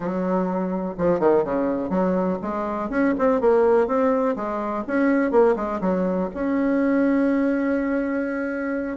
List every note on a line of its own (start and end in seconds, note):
0.00 0.95 F#3
0.97 1.19 F3
1.19 1.44 D#3
1.44 1.89 C#3
1.89 2.38 F#3
2.42 2.89 G#3
2.89 3.13 C#4
3.18 3.40 C4
3.40 3.87 A#3
3.87 4.35 C4
4.36 4.84 G#3
4.87 5.31 C#4
5.31 5.55 A#3
5.56 5.80 G#3
5.80 6.29 F#3
6.34 8.97 C#4